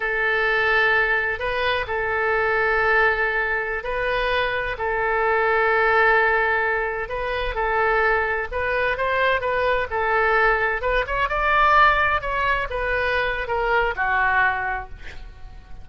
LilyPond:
\new Staff \with { instrumentName = "oboe" } { \time 4/4 \tempo 4 = 129 a'2. b'4 | a'1~ | a'16 b'2 a'4.~ a'16~ | a'2.~ a'16 b'8.~ |
b'16 a'2 b'4 c''8.~ | c''16 b'4 a'2 b'8 cis''16~ | cis''16 d''2 cis''4 b'8.~ | b'4 ais'4 fis'2 | }